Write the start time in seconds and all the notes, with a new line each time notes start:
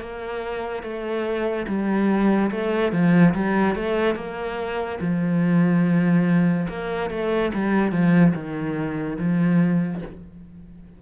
0.00 A#3
0.83 A3
1.67 G3
2.51 A3
2.92 F3
3.34 G3
3.75 A3
4.15 A#3
5.01 F3
6.69 A#3
7.10 A3
7.54 G3
7.92 F3
8.34 D#3
9.19 F3